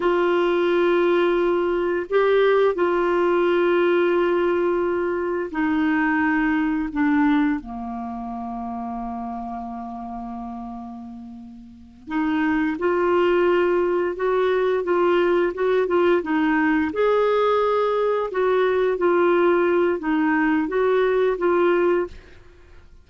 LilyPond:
\new Staff \with { instrumentName = "clarinet" } { \time 4/4 \tempo 4 = 87 f'2. g'4 | f'1 | dis'2 d'4 ais4~ | ais1~ |
ais4. dis'4 f'4.~ | f'8 fis'4 f'4 fis'8 f'8 dis'8~ | dis'8 gis'2 fis'4 f'8~ | f'4 dis'4 fis'4 f'4 | }